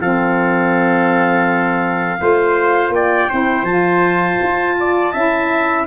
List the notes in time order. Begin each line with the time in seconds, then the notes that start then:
0.00 F3 C4 A4 F5
2.19 A3 F4 C5
2.90 A#3 D5 G5
3.30 C4 E4 C5
3.63 F3 F4 A5
4.42 F4
4.80 D5
5.13 C#4 E4 E5